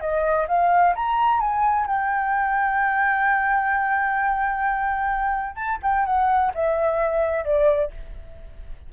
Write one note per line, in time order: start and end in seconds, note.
0.00 0.47 D#5
0.48 0.94 F5
0.95 1.40 A#5
1.40 1.86 G#5
1.86 5.55 G5
5.55 5.79 A5
5.83 6.06 G5
6.06 6.52 F#5
6.55 7.45 E5
7.45 7.91 D5